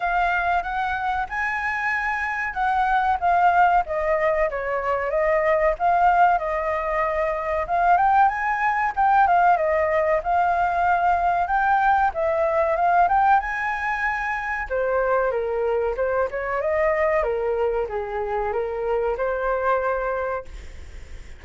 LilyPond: \new Staff \with { instrumentName = "flute" } { \time 4/4 \tempo 4 = 94 f''4 fis''4 gis''2 | fis''4 f''4 dis''4 cis''4 | dis''4 f''4 dis''2 | f''8 g''8 gis''4 g''8 f''8 dis''4 |
f''2 g''4 e''4 | f''8 g''8 gis''2 c''4 | ais'4 c''8 cis''8 dis''4 ais'4 | gis'4 ais'4 c''2 | }